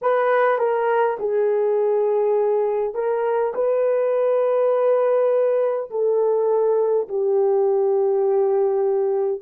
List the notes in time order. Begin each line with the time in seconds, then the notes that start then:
0.01 B4
0.58 A#4
1.19 G#4
2.94 A#4
3.54 B4
5.90 A4
7.08 G4